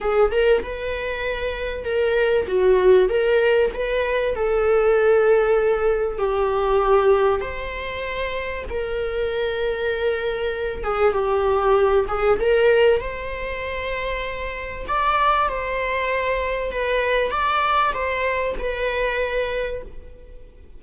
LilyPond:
\new Staff \with { instrumentName = "viola" } { \time 4/4 \tempo 4 = 97 gis'8 ais'8 b'2 ais'4 | fis'4 ais'4 b'4 a'4~ | a'2 g'2 | c''2 ais'2~ |
ais'4. gis'8 g'4. gis'8 | ais'4 c''2. | d''4 c''2 b'4 | d''4 c''4 b'2 | }